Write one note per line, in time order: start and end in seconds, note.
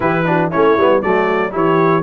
0.00 0.51 E3
0.00 0.25 E4
0.00 0.26 G4
0.00 0.50 B4
0.25 0.51 D4
0.25 0.50 F#4
0.50 0.76 A3
0.50 0.78 C#4
0.50 1.01 E4
0.50 1.02 C#5
0.76 1.02 G3
0.76 1.03 B3
1.02 1.54 F#3
1.02 1.50 A3
1.02 1.51 F#4
1.02 1.53 D5
1.50 2.02 E3
1.50 2.02 E4
1.50 2.02 G4
1.50 2.02 C#5